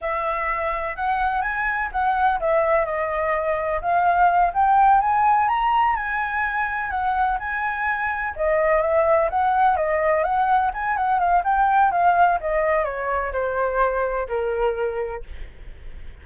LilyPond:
\new Staff \with { instrumentName = "flute" } { \time 4/4 \tempo 4 = 126 e''2 fis''4 gis''4 | fis''4 e''4 dis''2 | f''4. g''4 gis''4 ais''8~ | ais''8 gis''2 fis''4 gis''8~ |
gis''4. dis''4 e''4 fis''8~ | fis''8 dis''4 fis''4 gis''8 fis''8 f''8 | g''4 f''4 dis''4 cis''4 | c''2 ais'2 | }